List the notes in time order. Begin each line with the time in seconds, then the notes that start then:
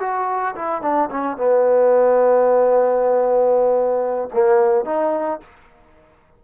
0.00 F#4
0.56 E4
0.82 D4
1.11 C#4
1.38 B3
4.34 A#3
4.85 D#4